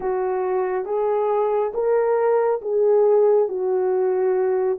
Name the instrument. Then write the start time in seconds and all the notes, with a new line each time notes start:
horn
0.00 F#4
0.85 G#4
1.74 A#4
2.61 G#4
3.48 F#4